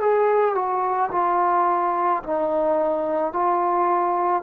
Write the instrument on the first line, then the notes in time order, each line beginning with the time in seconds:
trombone
0.00 G#4
0.55 F#4
1.12 F4
2.23 D#4
3.32 F4